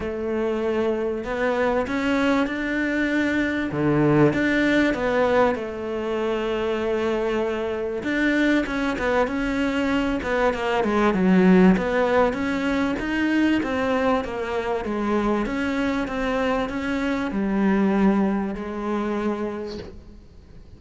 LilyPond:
\new Staff \with { instrumentName = "cello" } { \time 4/4 \tempo 4 = 97 a2 b4 cis'4 | d'2 d4 d'4 | b4 a2.~ | a4 d'4 cis'8 b8 cis'4~ |
cis'8 b8 ais8 gis8 fis4 b4 | cis'4 dis'4 c'4 ais4 | gis4 cis'4 c'4 cis'4 | g2 gis2 | }